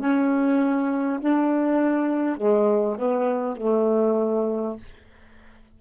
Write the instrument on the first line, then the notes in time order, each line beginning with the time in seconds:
saxophone
0.00 C#4
1.21 D4
2.37 G#3
2.99 B3
3.57 A3